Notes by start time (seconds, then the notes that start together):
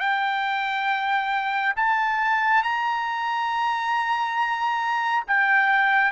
0.00 G5
1.76 A5
2.63 A#5
5.28 G5